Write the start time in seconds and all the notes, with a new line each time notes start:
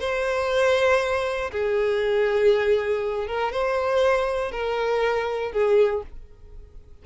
0.00 C5
1.52 G#4
3.28 A#4
3.52 C5
4.52 A#4
5.53 G#4